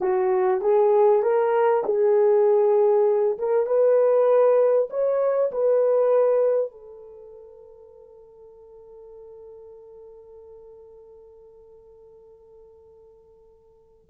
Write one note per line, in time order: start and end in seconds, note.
0.00 0.61 F#4
0.61 1.22 G#4
1.22 1.83 A#4
1.85 3.38 G#4
3.38 3.66 A#4
3.66 4.88 B4
4.90 5.51 C#5
5.51 6.71 B4
6.71 14.05 A4